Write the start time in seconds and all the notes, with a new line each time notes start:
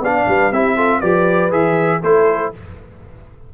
0.00 B3 D4 D5 F5
0.28 G3 B4
0.52 C4 E4 G4 E5
0.76 F4 A4
0.99 F3 G4 B4 D5
1.51 E3 G#4 E5
2.01 A3 E4 A4 C5